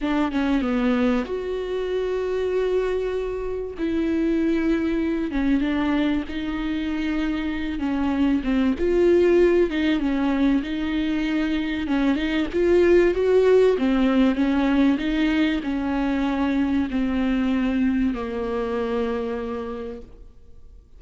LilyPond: \new Staff \with { instrumentName = "viola" } { \time 4/4 \tempo 4 = 96 d'8 cis'8 b4 fis'2~ | fis'2 e'2~ | e'8 cis'8 d'4 dis'2~ | dis'8 cis'4 c'8 f'4. dis'8 |
cis'4 dis'2 cis'8 dis'8 | f'4 fis'4 c'4 cis'4 | dis'4 cis'2 c'4~ | c'4 ais2. | }